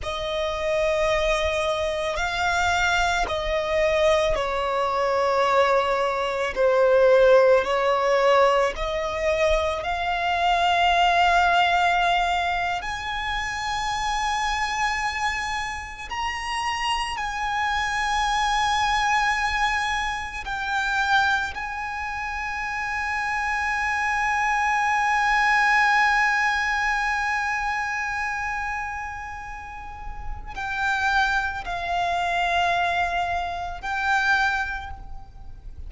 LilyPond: \new Staff \with { instrumentName = "violin" } { \time 4/4 \tempo 4 = 55 dis''2 f''4 dis''4 | cis''2 c''4 cis''4 | dis''4 f''2~ f''8. gis''16~ | gis''2~ gis''8. ais''4 gis''16~ |
gis''2~ gis''8. g''4 gis''16~ | gis''1~ | gis''1 | g''4 f''2 g''4 | }